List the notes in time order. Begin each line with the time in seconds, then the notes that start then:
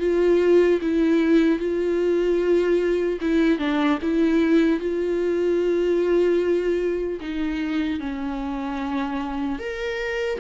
0.00 F4
0.82 E4
1.59 F4
3.21 E4
3.59 D4
4.02 E4
4.80 F4
7.21 D#4
8.00 C#4
9.59 A#4